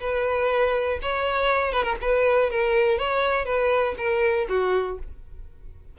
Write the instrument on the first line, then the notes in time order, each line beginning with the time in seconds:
violin
0.00 B4
1.02 C#5
1.72 B4
1.83 A#4
2.01 B4
2.51 A#4
2.98 C#5
3.45 B4
3.98 A#4
4.49 F#4